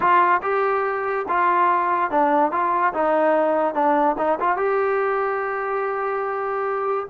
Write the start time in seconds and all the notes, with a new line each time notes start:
0.00 F4
0.42 G4
1.28 F4
2.10 D4
2.51 F4
2.93 D#4
3.74 D4
4.18 D#4
4.40 F4
4.57 G4